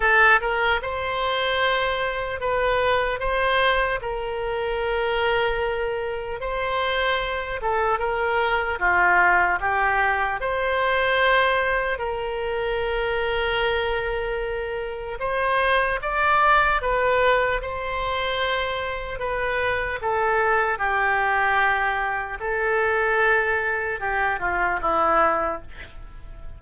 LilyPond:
\new Staff \with { instrumentName = "oboe" } { \time 4/4 \tempo 4 = 75 a'8 ais'8 c''2 b'4 | c''4 ais'2. | c''4. a'8 ais'4 f'4 | g'4 c''2 ais'4~ |
ais'2. c''4 | d''4 b'4 c''2 | b'4 a'4 g'2 | a'2 g'8 f'8 e'4 | }